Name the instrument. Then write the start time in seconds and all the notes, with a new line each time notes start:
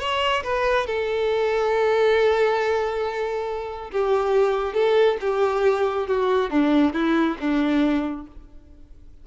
violin
0.00 C#5
0.44 B4
0.87 A4
3.92 G4
4.74 A4
5.21 G4
6.08 F#4
6.51 D4
6.94 E4
7.40 D4